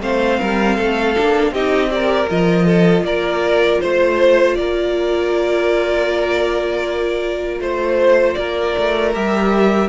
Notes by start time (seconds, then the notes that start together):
0.00 A3 C4 C5 F5
0.40 G3 A#4
0.76 A3 A4
1.16 A#3 D4
1.51 C4 D#4 G4 D#5
1.90 G4 A#4 D5
2.29 F3 F4 D#5
2.65 A4
3.02 A#3 A#4 D5
3.80 A3 C5
4.55 A#3 A#4 D5
7.59 A3 C5
8.34 A#3 A#4 D5
8.78 A3
9.13 G3 G4 E5